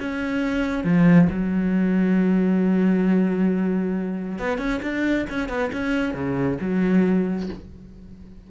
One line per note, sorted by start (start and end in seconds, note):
0.00 0.84 C#4
0.84 1.28 F3
1.30 4.39 F#3
4.39 4.58 B3
4.58 4.80 C#4
4.83 5.27 D4
5.30 5.49 C#4
5.49 5.71 B3
5.73 6.14 C#4
6.14 6.59 C#3
6.61 7.50 F#3